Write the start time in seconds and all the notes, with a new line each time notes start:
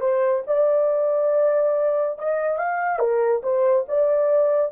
0.00 C5
0.47 D5
2.19 D#5
2.58 F5
2.99 A#4
3.43 C5
3.88 D5